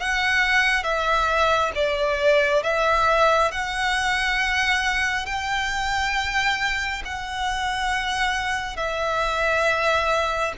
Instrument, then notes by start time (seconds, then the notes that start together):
violin
0.00 F#5
0.83 E5
1.75 D5
2.63 E5
3.51 F#5
5.26 G5
7.05 F#5
8.77 E5